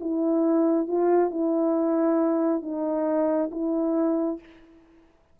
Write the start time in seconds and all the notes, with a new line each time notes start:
0.00 E4
0.87 F4
1.30 E4
2.62 D#4
3.51 E4